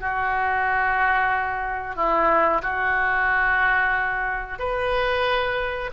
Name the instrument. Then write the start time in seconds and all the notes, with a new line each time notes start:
oboe
0.00 F#4
1.96 E4
2.62 F#4
4.59 B4